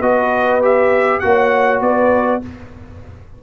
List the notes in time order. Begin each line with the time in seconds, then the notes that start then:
0.00 B3 F#4 B4 D#5
0.62 G4 E5
1.20 A#3 F#4 F#5
1.27 C#5
1.81 B3 B4 D5